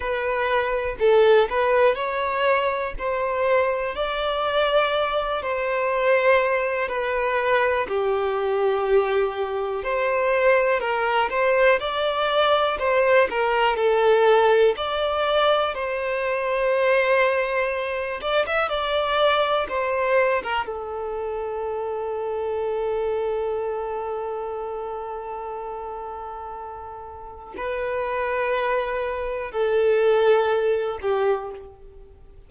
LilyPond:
\new Staff \with { instrumentName = "violin" } { \time 4/4 \tempo 4 = 61 b'4 a'8 b'8 cis''4 c''4 | d''4. c''4. b'4 | g'2 c''4 ais'8 c''8 | d''4 c''8 ais'8 a'4 d''4 |
c''2~ c''8 d''16 e''16 d''4 | c''8. ais'16 a'2.~ | a'1 | b'2 a'4. g'8 | }